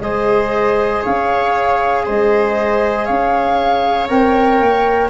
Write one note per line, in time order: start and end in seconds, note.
0.00 1.02 G#3
0.00 4.09 G#4
0.00 1.02 C5
0.00 1.03 D#5
1.02 2.08 C#4
1.02 2.04 C#5
1.02 2.07 F5
2.06 3.09 G#3
2.06 3.06 C5
2.06 3.06 D#5
3.06 4.10 C#4
3.06 5.09 C#5
3.06 4.07 F5
4.08 4.60 C4
4.08 5.10 A#4
4.08 5.10 G5
4.60 5.10 A#3